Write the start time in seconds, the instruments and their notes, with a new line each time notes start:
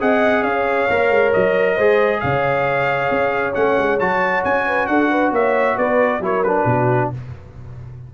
0.00 tuba C4, trombone G#4, horn D#5, trumpet F#5
0.43 tuba C#4, horn C#5, trumpet F5
0.89 tuba A#3, trombone A#4
1.10 tuba G#3
1.33 tuba F#3, trumpet D#5
1.75 tuba G#3, trombone G#4, horn C5
2.20 tuba C#3, horn C#5, trumpet F5
3.10 tuba C#4
3.54 tuba A3, trombone C#4, trumpet F#5
3.78 tuba G#3
3.99 tuba F#3, trombone F#4, trumpet A5
4.44 tuba C#4, trumpet G#5
4.66 horn B4
4.86 tuba D4, horn A4, trumpet F#5
5.10 horn B4
5.31 tuba A#3, horn C#5, trumpet E5
5.76 tuba B3, horn B4, trumpet D5
6.20 tuba F#3, trombone E4, horn A#4, trumpet C#5
6.43 trombone D4, trumpet B4
6.65 tuba B2, horn F#4